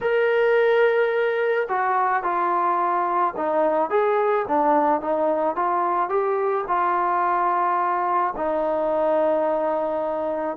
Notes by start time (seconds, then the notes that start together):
0.01 A#4
1.68 F#4
2.23 F4
3.36 D#4
3.90 G#4
4.47 D4
5.00 D#4
5.55 F4
6.09 G4
6.67 F4
8.36 D#4